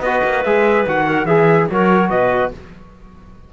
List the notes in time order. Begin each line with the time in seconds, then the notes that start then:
0.00 B3 F#4 B4 D#5
0.24 A#3
0.43 G#3 G#4 E5
0.86 D#3 F#4 F#5
1.06 A#4
1.25 E3 G#4 E5
1.69 F#3 F#4 A#4 C#5
2.09 B2 B4 D#5